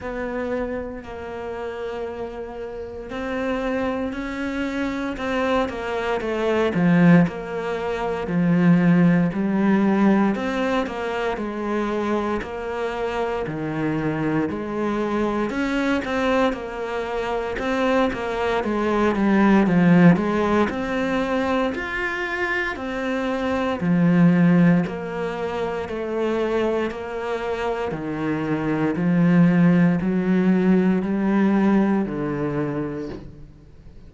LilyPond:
\new Staff \with { instrumentName = "cello" } { \time 4/4 \tempo 4 = 58 b4 ais2 c'4 | cis'4 c'8 ais8 a8 f8 ais4 | f4 g4 c'8 ais8 gis4 | ais4 dis4 gis4 cis'8 c'8 |
ais4 c'8 ais8 gis8 g8 f8 gis8 | c'4 f'4 c'4 f4 | ais4 a4 ais4 dis4 | f4 fis4 g4 d4 | }